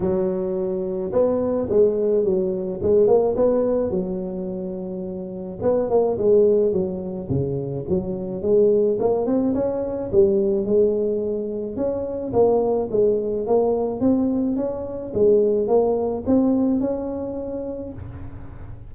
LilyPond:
\new Staff \with { instrumentName = "tuba" } { \time 4/4 \tempo 4 = 107 fis2 b4 gis4 | fis4 gis8 ais8 b4 fis4~ | fis2 b8 ais8 gis4 | fis4 cis4 fis4 gis4 |
ais8 c'8 cis'4 g4 gis4~ | gis4 cis'4 ais4 gis4 | ais4 c'4 cis'4 gis4 | ais4 c'4 cis'2 | }